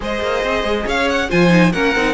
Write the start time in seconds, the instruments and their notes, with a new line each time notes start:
0.00 cello G#3, viola G#4, violin C5 D#5
0.21 cello A#3
0.43 cello C4
0.63 cello G#3
0.85 cello C#4, violin C#5 F5
1.08 violin F#5
1.29 cello F3, viola F4, violin C5 G#5
1.49 viola D#4
1.72 cello A#3, viola C#4, violin A#4 F#5
1.95 cello C4, viola D#4